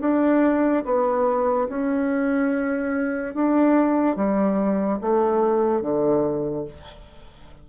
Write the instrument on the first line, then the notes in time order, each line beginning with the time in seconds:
bassoon
0.00 D4
0.84 B3
1.69 C#4
3.34 D4
4.16 G3
5.01 A3
5.81 D3